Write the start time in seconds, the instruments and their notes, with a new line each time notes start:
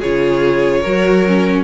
0.00 cello C#3, viola F4, violin G#4 C#5
0.80 cello F#3, viola F#4, violin A#4
1.27 viola C#4